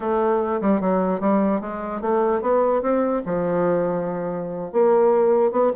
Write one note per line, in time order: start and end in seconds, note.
0.00 0.60 A3
0.61 0.80 G3
0.80 1.20 F#3
1.20 1.60 G3
1.60 2.01 G#3
2.01 2.41 A3
2.41 2.82 B3
2.82 3.22 C4
3.25 4.72 F3
4.72 5.51 A#3
5.51 5.71 B3